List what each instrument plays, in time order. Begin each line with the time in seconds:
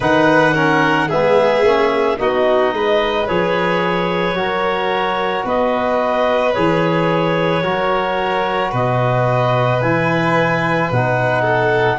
0.00 tuba D#3, trombone D#4, violin B4, clarinet F#5
0.54 trombone C#4, violin A#4
1.07 tuba G#3, trombone B3, violin G#4, clarinet E5
1.63 tuba A#3, trombone C#4
2.17 tuba B3, trombone D#4, violin F#4, clarinet D#5
2.72 tuba G#3, violin B4
3.27 tuba F3, trombone G#4, clarinet C#5
4.34 tuba F#3, trombone F#4, violin A#4
5.44 tuba B3, violin B4, clarinet D#5
6.53 tuba E3, trombone G#4, clarinet C#5
7.62 tuba F#3, trombone F#4, violin A#4
8.71 tuba B2, violin B4, clarinet D#5
9.81 tuba E3, trombone E4, clarinet G#5
10.91 tuba B2, trombone D#4, clarinet F#5
11.41 violin A4